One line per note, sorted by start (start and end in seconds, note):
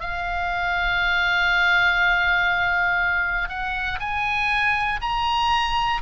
0.00 3.49 F5
3.49 3.99 F#5
4.00 5.00 G#5
5.01 6.01 A#5